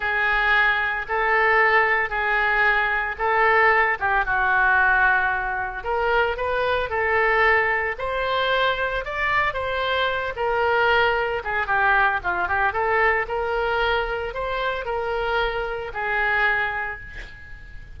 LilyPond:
\new Staff \with { instrumentName = "oboe" } { \time 4/4 \tempo 4 = 113 gis'2 a'2 | gis'2 a'4. g'8 | fis'2. ais'4 | b'4 a'2 c''4~ |
c''4 d''4 c''4. ais'8~ | ais'4. gis'8 g'4 f'8 g'8 | a'4 ais'2 c''4 | ais'2 gis'2 | }